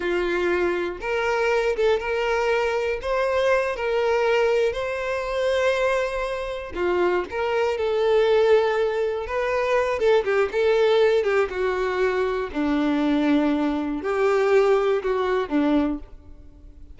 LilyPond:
\new Staff \with { instrumentName = "violin" } { \time 4/4 \tempo 4 = 120 f'2 ais'4. a'8 | ais'2 c''4. ais'8~ | ais'4. c''2~ c''8~ | c''4. f'4 ais'4 a'8~ |
a'2~ a'8 b'4. | a'8 g'8 a'4. g'8 fis'4~ | fis'4 d'2. | g'2 fis'4 d'4 | }